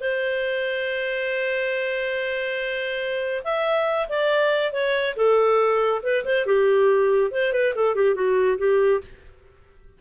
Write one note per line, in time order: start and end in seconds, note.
0.00 3.43 C5
3.44 4.08 E5
4.09 4.72 D5
4.72 5.15 C#5
5.16 6.01 A4
6.03 6.24 B4
6.24 6.46 C5
6.46 7.31 G4
7.31 7.53 C5
7.53 7.74 B4
7.75 7.95 A4
7.95 8.15 G4
8.15 8.58 F#4
8.58 9.00 G4